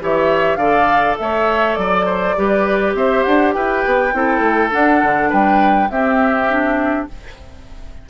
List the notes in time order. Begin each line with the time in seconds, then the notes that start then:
0.00 E3 G4 C#5 E5
0.56 D3 A4 D5 F5
1.18 A3 C#5 E5
1.74 F#3 D5
2.05 C5
2.36 G3 G4 B4
2.94 C4 C5 E5
3.23 D4 F#5
3.53 E4 B4 G5
3.85 B3
4.13 C4 E4 A4
4.39 A3
4.70 D4 F#5
5.03 D3
5.29 G3 B4 G5
5.90 C4 G4 E5
6.49 D4